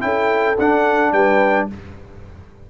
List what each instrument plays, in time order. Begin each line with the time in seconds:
0.00 tuba C#4, trombone E4, horn A4, trumpet G5
0.58 tuba D4, trombone D4, trumpet F#5
1.12 tuba G3, horn B4, trumpet G5